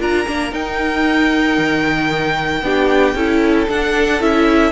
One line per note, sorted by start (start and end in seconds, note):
0.00 0.27 D4
0.00 0.26 F4
0.00 2.63 A#4
0.00 0.54 A#5
0.27 0.53 A#3
0.27 0.51 D4
0.51 2.62 D#4
0.51 1.58 D#4
0.51 3.70 G5
1.58 2.62 D#3
2.62 3.15 B3
2.62 3.16 D4
2.62 3.16 G4
3.15 3.67 C#4
3.15 3.69 E4
3.15 4.72 A4
3.69 4.21 D4
3.69 4.22 F#5
4.21 4.72 C#4
4.21 4.72 E4
4.21 4.72 E5